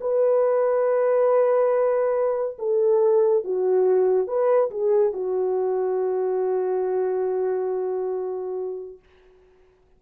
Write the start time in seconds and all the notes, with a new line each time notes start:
0.00 B4
2.58 A4
3.44 F#4
4.27 B4
4.71 G#4
5.13 F#4